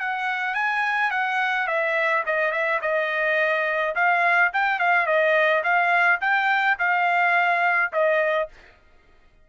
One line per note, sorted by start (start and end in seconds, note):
0.00 0.55 F#5
0.55 1.11 G#5
1.11 1.67 F#5
1.67 2.24 E5
2.26 2.52 D#5
2.52 2.80 E5
2.82 3.95 D#5
3.95 4.52 F5
4.53 4.79 G5
4.79 5.07 F5
5.07 5.63 D#5
5.64 6.20 F5
6.21 6.78 G5
6.79 7.92 F5
7.93 8.49 D#5